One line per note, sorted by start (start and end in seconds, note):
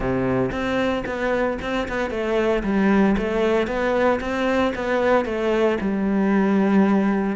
0.00 0.50 C3
0.51 1.04 C4
1.06 1.58 B3
1.61 1.88 C4
1.88 2.10 B3
2.10 2.62 A3
2.63 3.16 G3
3.17 3.67 A3
3.67 4.19 B3
4.20 4.73 C4
4.75 5.25 B3
5.25 5.78 A3
5.80 7.36 G3